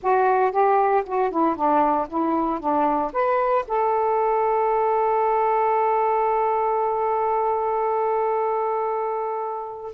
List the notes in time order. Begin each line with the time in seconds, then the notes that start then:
0.02 F#4
0.51 G4
1.06 F#4
1.30 E4
1.55 D4
2.08 E4
2.59 D4
3.13 B4
3.67 A4